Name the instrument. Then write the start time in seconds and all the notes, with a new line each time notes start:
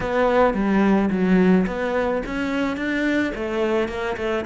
cello
0.00 B3
0.54 G3
1.10 F#3
1.66 B3
2.26 C#4
2.76 D4
3.35 A3
3.88 A#3
4.17 A3